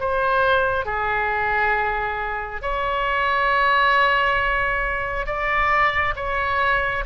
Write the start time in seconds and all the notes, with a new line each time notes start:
0.00 C5
0.85 G#4
2.62 C#5
5.26 D5
6.16 C#5